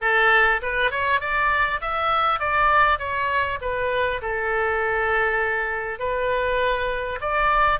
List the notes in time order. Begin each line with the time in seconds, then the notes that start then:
0.01 A4
0.62 B4
0.91 C#5
1.20 D5
1.80 E5
2.39 D5
2.98 C#5
3.61 B4
4.21 A4
5.99 B4
7.20 D5